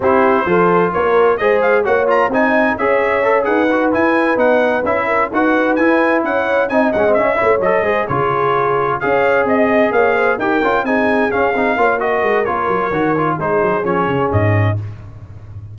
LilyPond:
<<
  \new Staff \with { instrumentName = "trumpet" } { \time 4/4 \tempo 4 = 130 c''2 cis''4 dis''8 f''8 | fis''8 ais''8 gis''4 e''4. fis''8~ | fis''8 gis''4 fis''4 e''4 fis''8~ | fis''8 gis''4 fis''4 gis''8 fis''8 e''8~ |
e''8 dis''4 cis''2 f''8~ | f''8 dis''4 f''4 g''4 gis''8~ | gis''8 f''4. dis''4 cis''4~ | cis''4 c''4 cis''4 dis''4 | }
  \new Staff \with { instrumentName = "horn" } { \time 4/4 g'4 a'4 ais'4 c''4 | cis''4 dis''4 cis''4. b'8~ | b'2. ais'8 b'8~ | b'4. cis''4 dis''4. |
cis''4 c''8 gis'2 cis''8~ | cis''8 dis''4 cis''8 c''8 ais'4 gis'8~ | gis'4. cis''8 ais'2~ | ais'4 gis'2. | }
  \new Staff \with { instrumentName = "trombone" } { \time 4/4 e'4 f'2 gis'4 | fis'8 f'8 dis'4 gis'4 a'8 gis'8 | fis'8 e'4 dis'4 e'4 fis'8~ | fis'8 e'2 dis'8 cis'16 c'16 cis'8 |
e'8 a'8 gis'8 f'2 gis'8~ | gis'2~ gis'8 g'8 f'8 dis'8~ | dis'8 cis'8 dis'8 f'8 fis'4 f'4 | fis'8 f'8 dis'4 cis'2 | }
  \new Staff \with { instrumentName = "tuba" } { \time 4/4 c'4 f4 ais4 gis4 | ais4 c'4 cis'4. dis'8~ | dis'8 e'4 b4 cis'4 dis'8~ | dis'8 e'4 cis'4 c'8 gis8 cis'8 |
a8 fis8 gis8 cis2 cis'8~ | cis'8 c'4 ais4 dis'8 cis'8 c'8~ | c'8 cis'8 c'8 ais4 gis8 ais8 fis8 | dis4 gis8 fis8 f8 cis8 gis,4 | }
>>